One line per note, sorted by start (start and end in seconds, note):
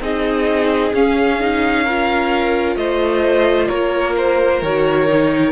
0.00 0.92 C4
0.00 0.94 D#4
0.00 1.84 G#4
0.00 0.94 D#5
0.93 2.76 C#4
0.93 1.40 C#4
0.93 2.76 F5
1.40 1.86 D#4
1.84 4.65 F4
1.84 2.76 A#4
2.76 3.68 A3
2.76 3.68 C5
2.76 3.68 D#5
3.68 4.62 A#3
3.68 5.51 A#4
3.68 4.14 C#5
4.17 4.62 C5
4.62 5.51 D#3
4.62 5.08 F#4
4.62 5.51 C#5
5.08 5.51 D#4